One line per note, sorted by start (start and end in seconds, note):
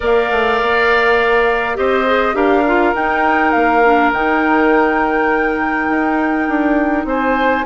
0.00 0.30 A#3
0.00 1.75 A#4
0.00 1.76 D5
0.00 1.77 F5
0.30 0.60 A3
0.62 1.77 A#3
1.75 2.34 C4
1.75 2.04 G4
1.75 2.35 C5
1.75 2.35 D#5
2.06 2.33 G#4
2.33 2.93 D4
2.33 2.62 G4
2.33 7.06 A#4
2.33 2.94 F5
2.67 2.93 F4
2.93 3.81 D#4
2.93 3.53 D#4
2.93 3.51 G5
3.51 4.11 A#3
3.51 4.10 F5
3.84 4.13 D4
4.11 5.87 D#3
4.11 7.65 D#4
4.11 7.06 G5
5.89 6.48 D#4
6.48 7.04 D4
7.04 7.63 C4
7.04 7.65 C5
7.04 7.65 G#5